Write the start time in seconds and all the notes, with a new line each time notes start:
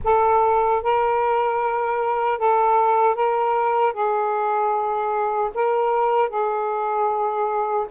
0.04 A4
0.83 A#4
2.38 A4
3.15 A#4
3.93 G#4
5.54 A#4
6.29 G#4